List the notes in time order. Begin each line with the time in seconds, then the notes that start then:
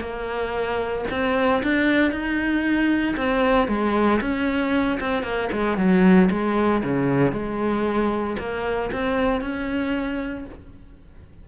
0.00 A#3
1.10 C4
1.63 D4
2.11 D#4
3.16 C4
3.68 G#3
4.21 C#4
5.00 C4
5.23 A#3
5.52 G#3
5.77 F#3
6.30 G#3
6.83 C#3
7.32 G#3
8.38 A#3
8.92 C4
9.41 C#4